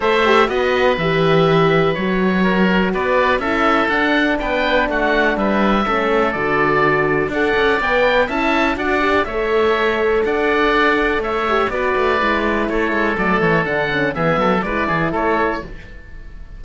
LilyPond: <<
  \new Staff \with { instrumentName = "oboe" } { \time 4/4 \tempo 4 = 123 e''4 dis''4 e''2 | cis''2 d''4 e''4 | fis''4 g''4 fis''4 e''4~ | e''4 d''2 fis''4 |
g''4 a''4 fis''4 e''4~ | e''4 fis''2 e''4 | d''2 cis''4 d''8 cis''8 | fis''4 e''4 d''4 cis''4 | }
  \new Staff \with { instrumentName = "oboe" } { \time 4/4 c''4 b'2.~ | b'4 ais'4 b'4 a'4~ | a'4 b'4 fis'4 b'4 | a'2. d''4~ |
d''4 e''4 d''4 cis''4~ | cis''4 d''2 cis''4 | b'2 a'2~ | a'4 gis'8 a'8 b'8 gis'8 a'4 | }
  \new Staff \with { instrumentName = "horn" } { \time 4/4 a'8 g'8 fis'4 g'2 | fis'2. e'4 | d'1 | cis'4 fis'2 a'4 |
b'4 e'4 fis'8 g'8 a'4~ | a'2.~ a'8 g'8 | fis'4 e'2 a4 | d'8 cis'8 b4 e'2 | }
  \new Staff \with { instrumentName = "cello" } { \time 4/4 a4 b4 e2 | fis2 b4 cis'4 | d'4 b4 a4 g4 | a4 d2 d'8 cis'8 |
b4 cis'4 d'4 a4~ | a4 d'2 a4 | b8 a8 gis4 a8 gis8 fis8 e8 | d4 e8 fis8 gis8 e8 a4 | }
>>